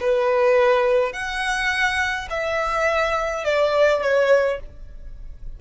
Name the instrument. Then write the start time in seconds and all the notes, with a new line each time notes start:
violin
0.00 B4
1.12 F#5
2.30 E5
3.44 D5
4.02 C#5